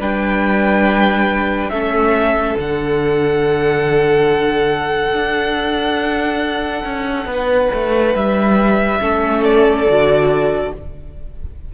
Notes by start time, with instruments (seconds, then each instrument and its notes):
0.00 cello G3, viola D4, violin B4 G5
1.70 cello A3, viola C#4, violin A4 E5
2.56 cello D3, viola D4, violin F#5
5.13 cello D4
6.85 cello C#4
7.26 cello B3, violin B4
7.74 cello A3
8.15 cello G3, violin E5
9.01 cello A3, viola C#4, violin A4
9.44 violin D5
9.86 cello D3, viola F#4